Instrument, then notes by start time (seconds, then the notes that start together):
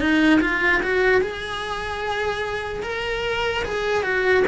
cello
0.00 D#4
0.41 F4
0.83 F#4
1.21 G#4
2.83 A#4
3.64 G#4
4.03 F#4